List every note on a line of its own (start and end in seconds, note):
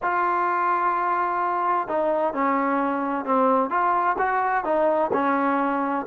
0.02 1.88 F4
1.88 2.33 D#4
2.33 3.25 C#4
3.25 3.70 C4
3.70 4.16 F4
4.18 4.64 F#4
4.64 5.11 D#4
5.13 6.06 C#4